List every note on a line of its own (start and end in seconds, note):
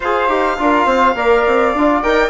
0.00 0.28 F4
0.00 0.28 G#4
0.00 0.57 C5
0.00 2.02 F5
0.28 0.57 D#4
0.28 0.57 G4
0.58 0.85 D4
0.58 1.15 F4
0.58 0.85 A#4
0.85 1.14 C4
0.85 1.14 C5
1.14 1.43 A#3
1.14 1.74 A#4
1.14 2.30 D5
1.47 1.74 C4
1.74 2.03 D4
1.74 2.03 F4
2.02 2.30 D#4
2.02 2.30 A#4
2.02 2.30 G5